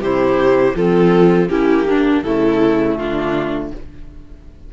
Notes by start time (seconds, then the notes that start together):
0.00 C3 E4 G4 C5
0.75 F3 C4 F4 A4
1.48 A#3 C#4 E4 G4
1.86 D4
2.23 C#3 A3 E4 A4
2.97 D3 D4 F4